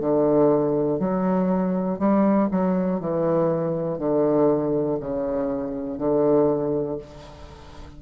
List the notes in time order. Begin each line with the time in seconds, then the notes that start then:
0.00 D3
0.99 F#3
1.99 G3
2.51 F#3
3.00 E3
3.99 D3
5.00 C#3
5.98 D3